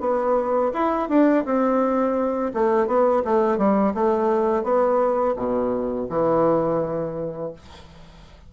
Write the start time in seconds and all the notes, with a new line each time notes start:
0.00 B3
0.73 E4
1.09 D4
1.45 C4
2.54 A3
2.87 B3
3.24 A3
3.58 G3
3.94 A3
4.63 B3
5.36 B2
6.09 E3